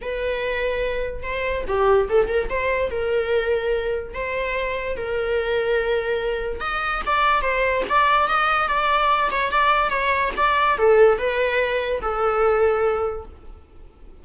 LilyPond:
\new Staff \with { instrumentName = "viola" } { \time 4/4 \tempo 4 = 145 b'2. c''4 | g'4 a'8 ais'8 c''4 ais'4~ | ais'2 c''2 | ais'1 |
dis''4 d''4 c''4 d''4 | dis''4 d''4. cis''8 d''4 | cis''4 d''4 a'4 b'4~ | b'4 a'2. | }